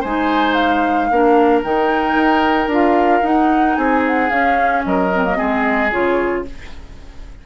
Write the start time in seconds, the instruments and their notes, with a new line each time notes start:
0.00 bassoon G#3, clarinet D#4, oboe C5, flute G#5
0.53 flute F5
1.10 bassoon A#3, clarinet D4, oboe A#4
1.64 bassoon D#3, clarinet D#4, flute G5
2.15 bassoon D#4
2.67 bassoon D4, clarinet F4
2.74 flute F5
3.22 clarinet D#4, bassoon D#4, flute F#5
3.75 bassoon C4, oboe G#4, flute G#5
4.07 flute F#5
4.29 clarinet C#4, bassoon C#4, flute F5
4.85 bassoon F#3, oboe A#4, flute D#5
5.15 clarinet C4
5.25 clarinet A#3
5.36 bassoon G#3, clarinet C4, oboe G#4
5.91 bassoon C#3, clarinet F4, flute C#5